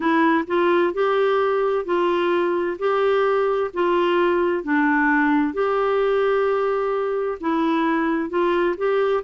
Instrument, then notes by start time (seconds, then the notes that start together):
clarinet
0.00 E4
0.47 F4
0.93 G4
1.85 F4
2.78 G4
3.73 F4
4.63 D4
5.53 G4
7.40 E4
8.29 F4
8.77 G4